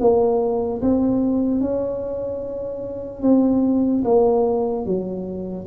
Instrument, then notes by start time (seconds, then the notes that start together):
tuba
0.00 A#3
0.81 C4
1.60 C#4
3.22 C4
4.04 A#3
4.86 F#3